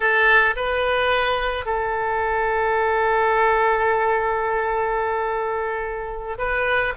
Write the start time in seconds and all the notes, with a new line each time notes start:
0.00 A4
0.56 B4
1.65 A4
6.38 B4